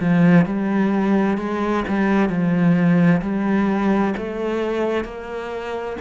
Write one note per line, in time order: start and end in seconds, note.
0.00 0.46 F3
0.46 1.38 G3
1.38 1.84 G#3
1.88 2.29 G3
2.29 3.21 F3
3.22 4.14 G3
4.17 5.04 A3
5.04 5.97 A#3